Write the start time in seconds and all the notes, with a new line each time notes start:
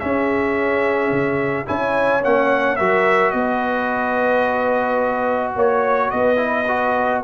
0.00 C#4 G#4 E5
1.12 C#3
1.66 C#4 E4 C#5 G#5
2.23 A#3 C#4 F#5
2.76 F#3 F#4 A#4 E5
3.31 B3 D#5
3.37 B4
5.56 A#3 C#5
6.11 B3 B4 D#5
6.37 E4
6.69 F#4